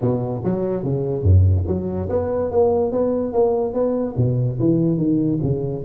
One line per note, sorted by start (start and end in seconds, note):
0.01 0.42 B2
0.44 0.83 F#3
0.83 1.23 C#3
1.23 1.64 F#2
1.67 2.09 F#3
2.09 2.51 B3
2.51 2.91 A#3
2.91 3.32 B3
3.32 3.73 A#3
3.73 4.15 B3
4.16 4.58 B2
4.59 4.97 E3
4.97 5.39 D#3
5.42 5.84 C#3